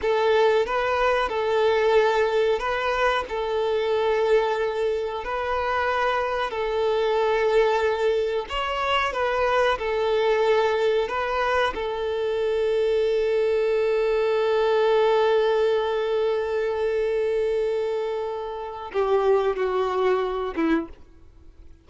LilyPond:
\new Staff \with { instrumentName = "violin" } { \time 4/4 \tempo 4 = 92 a'4 b'4 a'2 | b'4 a'2. | b'2 a'2~ | a'4 cis''4 b'4 a'4~ |
a'4 b'4 a'2~ | a'1~ | a'1~ | a'4 g'4 fis'4. e'8 | }